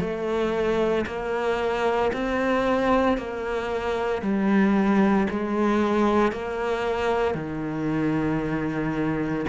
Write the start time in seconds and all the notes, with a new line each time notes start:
0.00 A3
1.07 A#3
2.13 C4
3.18 A#3
4.22 G3
5.30 G#3
6.33 A#3
7.35 D#3